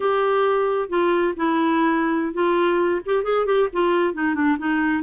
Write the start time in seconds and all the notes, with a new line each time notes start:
0.00 G4
0.89 F4
1.36 E4
2.33 F4
3.05 G4
3.23 G#4
3.46 G4
3.72 F4
4.14 D#4
4.35 D4
4.58 D#4